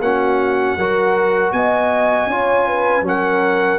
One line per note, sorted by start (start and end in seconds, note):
0.00 0.76 A#3
0.00 0.80 C#4
0.00 0.78 F#4
0.00 1.53 F#5
0.78 1.53 F#3
0.78 2.31 F#4
0.78 1.54 A#4
1.53 2.27 B3
1.53 2.31 D#5
1.53 3.05 G#5
2.27 3.02 C#4
2.27 3.04 F4
2.27 2.68 C#5
2.68 3.06 B4
3.02 3.78 F#3
3.02 3.79 C#4
3.02 3.79 A#4
3.08 3.79 F#5